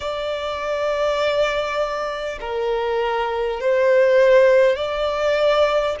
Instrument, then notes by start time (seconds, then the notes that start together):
violin
0.00 D5
2.40 A#4
3.60 C5
4.76 D5